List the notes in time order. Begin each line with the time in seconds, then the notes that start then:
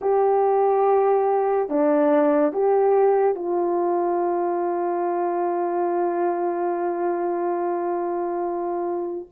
0.01 G4
1.69 D4
2.52 G4
3.35 F4